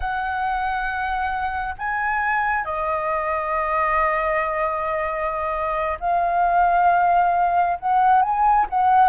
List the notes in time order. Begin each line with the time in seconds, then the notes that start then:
0.00 F#5
1.78 G#5
2.64 D#5
6.00 F5
7.79 F#5
8.21 G#5
8.69 F#5